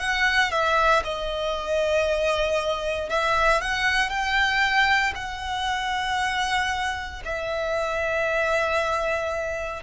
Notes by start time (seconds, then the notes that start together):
0.00 F#5
0.52 E5
1.04 D#5
3.10 E5
3.62 F#5
4.10 G5
5.16 F#5
7.25 E5